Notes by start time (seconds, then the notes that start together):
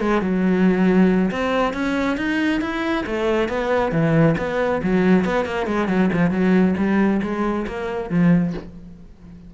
0.00 G#3
0.21 F#3
1.31 C4
1.73 C#4
2.17 D#4
2.61 E4
3.06 A3
3.48 B3
3.92 E3
4.38 B3
4.83 F#3
5.25 B3
5.45 A#3
5.67 G#3
5.88 F#3
6.13 F3
6.31 F#3
6.77 G3
7.22 G#3
7.67 A#3
8.10 F3